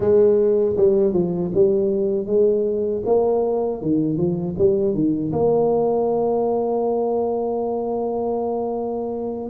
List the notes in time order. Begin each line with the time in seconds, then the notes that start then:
0.00 G#3
0.76 G3
1.13 F3
1.54 G3
2.26 G#3
3.06 A#3
3.81 D#3
4.17 F3
4.58 G3
4.94 D#3
5.32 A#3